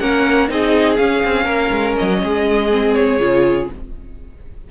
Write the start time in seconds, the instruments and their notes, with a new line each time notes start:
0.00 cello A#3, viola C#4, violin A#4 F#5
0.48 cello C4, viola D#4, violin G#4 D#5
0.97 viola C#4, cello C#4, violin F5
1.25 cello C4
1.45 cello A#3, violin A#4
1.72 cello G#3
1.98 cello F#3, violin D#5
2.23 cello G#3, violin G#4
2.71 viola C4
2.95 violin C#5
3.20 cello C#3, viola F4